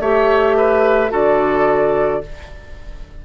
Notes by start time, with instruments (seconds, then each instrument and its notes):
0.00 bassoon A3, clarinet G4, oboe C#5, flute E5
0.57 oboe B4
1.10 bassoon D3, clarinet F#4, oboe A4, flute D5